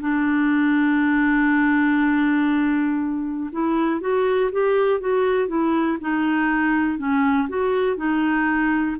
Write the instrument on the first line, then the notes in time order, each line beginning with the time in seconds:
clarinet
0.00 D4
3.52 E4
4.00 F#4
4.52 G4
5.00 F#4
5.48 E4
6.01 D#4
6.98 C#4
7.49 F#4
7.97 D#4